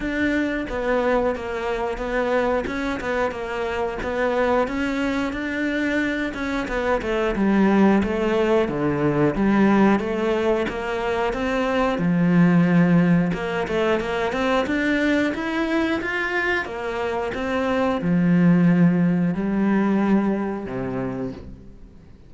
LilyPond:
\new Staff \with { instrumentName = "cello" } { \time 4/4 \tempo 4 = 90 d'4 b4 ais4 b4 | cis'8 b8 ais4 b4 cis'4 | d'4. cis'8 b8 a8 g4 | a4 d4 g4 a4 |
ais4 c'4 f2 | ais8 a8 ais8 c'8 d'4 e'4 | f'4 ais4 c'4 f4~ | f4 g2 c4 | }